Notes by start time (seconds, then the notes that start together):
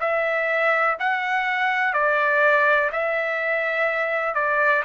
0.00 E5
0.99 F#5
1.93 D5
2.92 E5
4.34 D5